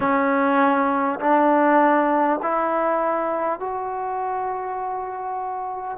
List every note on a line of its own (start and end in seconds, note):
0.00 1.19 C#4
1.20 2.40 D4
2.42 3.59 E4
3.59 5.97 F#4